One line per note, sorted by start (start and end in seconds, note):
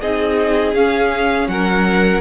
0.00 0.74 C4
0.00 0.75 D#4
0.00 1.49 G#4
0.00 0.74 D#5
0.74 1.47 C#4
0.74 2.21 C#4
0.74 1.48 F5
1.47 2.21 F#3
1.47 2.21 A#4
1.47 2.21 F#5